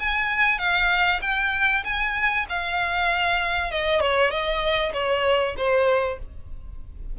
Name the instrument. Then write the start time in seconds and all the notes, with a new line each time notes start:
violin
0.00 G#5
0.59 F5
1.22 G5
1.85 G#5
2.50 F5
3.72 D#5
4.01 C#5
4.31 D#5
4.94 C#5
5.58 C5